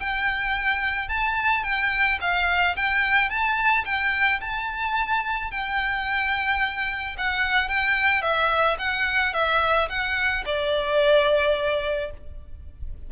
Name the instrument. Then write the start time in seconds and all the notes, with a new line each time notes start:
violin
0.00 G5
1.09 A5
1.64 G5
2.21 F5
2.76 G5
3.30 A5
3.85 G5
4.41 A5
5.51 G5
7.18 F#5
7.69 G5
8.22 E5
8.79 F#5
9.34 E5
9.89 F#5
10.46 D5